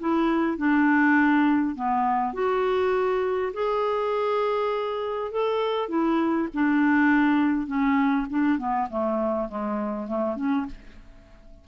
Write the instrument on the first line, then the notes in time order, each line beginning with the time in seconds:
clarinet
0.00 E4
0.58 D4
1.76 B3
2.34 F#4
3.54 G#4
5.32 A4
5.89 E4
6.54 D4
7.67 C#4
8.30 D4
8.58 B3
8.90 A3
9.49 G#3
10.08 A3
10.36 C#4